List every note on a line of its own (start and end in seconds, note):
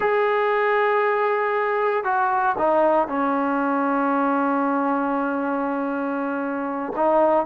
0.00 2.04 G#4
2.04 2.55 F#4
2.58 3.08 D#4
3.08 6.92 C#4
6.96 7.45 D#4